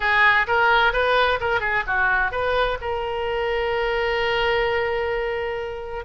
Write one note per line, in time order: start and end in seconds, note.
0.00 0.46 G#4
0.47 0.92 A#4
0.92 1.39 B4
1.40 1.60 A#4
1.60 1.83 G#4
1.86 2.31 F#4
2.31 2.78 B4
2.81 6.04 A#4